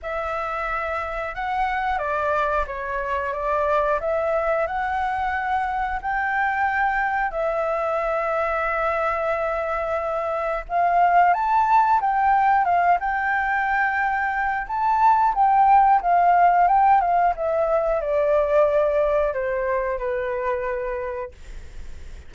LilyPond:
\new Staff \with { instrumentName = "flute" } { \time 4/4 \tempo 4 = 90 e''2 fis''4 d''4 | cis''4 d''4 e''4 fis''4~ | fis''4 g''2 e''4~ | e''1 |
f''4 a''4 g''4 f''8 g''8~ | g''2 a''4 g''4 | f''4 g''8 f''8 e''4 d''4~ | d''4 c''4 b'2 | }